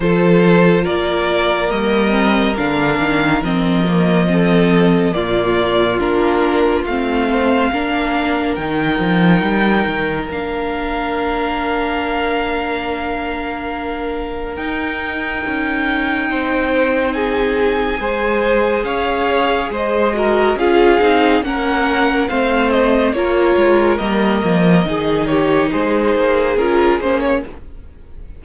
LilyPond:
<<
  \new Staff \with { instrumentName = "violin" } { \time 4/4 \tempo 4 = 70 c''4 d''4 dis''4 f''4 | dis''2 d''4 ais'4 | f''2 g''2 | f''1~ |
f''4 g''2. | gis''2 f''4 dis''4 | f''4 fis''4 f''8 dis''8 cis''4 | dis''4. cis''8 c''4 ais'8 c''16 cis''16 | }
  \new Staff \with { instrumentName = "violin" } { \time 4/4 a'4 ais'2.~ | ais'4 a'4 f'2~ | f'8 c''8 ais'2.~ | ais'1~ |
ais'2. c''4 | gis'4 c''4 cis''4 c''8 ais'8 | gis'4 ais'4 c''4 ais'4~ | ais'4 gis'8 g'8 gis'2 | }
  \new Staff \with { instrumentName = "viola" } { \time 4/4 f'2 ais8 c'8 d'4 | c'8 ais8 c'4 ais4 d'4 | c'4 d'4 dis'2 | d'1~ |
d'4 dis'2.~ | dis'4 gis'2~ gis'8 fis'8 | f'8 dis'8 cis'4 c'4 f'4 | ais4 dis'2 f'8 cis'8 | }
  \new Staff \with { instrumentName = "cello" } { \time 4/4 f4 ais4 g4 d8 dis8 | f2 ais,4 ais4 | a4 ais4 dis8 f8 g8 dis8 | ais1~ |
ais4 dis'4 cis'4 c'4~ | c'4 gis4 cis'4 gis4 | cis'8 c'8 ais4 a4 ais8 gis8 | g8 f8 dis4 gis8 ais8 cis'8 ais8 | }
>>